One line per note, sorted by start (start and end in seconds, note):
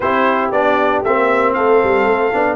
0.00 0.51 C4
0.00 0.53 E4
0.00 1.55 G4
0.00 0.51 C5
0.51 1.03 B3
0.51 1.04 D4
0.51 1.03 D5
1.03 1.56 A#3
1.03 2.32 C4
1.03 1.53 E5
1.53 1.82 A3
1.53 2.55 A4
1.53 2.55 F5
1.83 2.06 G3
2.06 2.32 A3
2.32 2.55 B3
2.32 2.55 D4